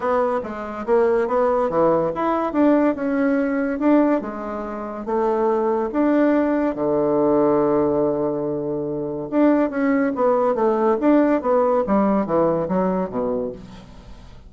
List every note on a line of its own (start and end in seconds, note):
0.00 0.40 B3
0.43 0.85 G#3
0.85 1.27 A#3
1.27 1.69 B3
1.69 2.11 E3
2.14 2.52 E4
2.52 2.95 D4
2.95 3.79 C#4
3.79 4.21 D4
4.21 5.05 G#3
5.05 5.90 A3
5.92 6.75 D4
6.75 9.28 D3
9.30 9.70 D4
9.70 10.12 C#4
10.15 10.54 B3
10.54 10.97 A3
11.00 11.41 D4
11.41 11.84 B3
11.86 12.25 G3
12.25 12.68 E3
12.68 13.09 F#3
13.09 13.52 B2